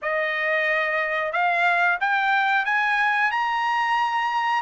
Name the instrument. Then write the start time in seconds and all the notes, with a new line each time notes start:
trumpet
0.02 D#5
1.32 F5
2.00 G5
2.65 G#5
3.31 A#5